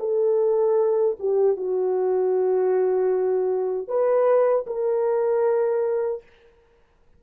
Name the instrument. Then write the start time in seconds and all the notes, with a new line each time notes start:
horn
0.00 A4
1.20 G4
1.57 F#4
3.88 B4
4.67 A#4